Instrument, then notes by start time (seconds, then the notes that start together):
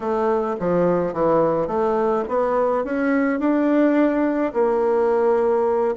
bassoon
0.00 A3
0.59 F3
1.13 E3
1.67 A3
2.28 B3
2.84 C#4
3.39 D4
4.53 A#3